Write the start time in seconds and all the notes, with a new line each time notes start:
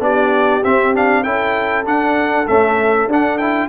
0.00 B3 D4 G4 D5
0.64 C4 E5
0.95 D4 F5
1.23 C#4 E4 A4 G5
1.85 D4 F#5
2.48 A3 C#4 E5
3.07 D4 F#5
3.38 E4 G5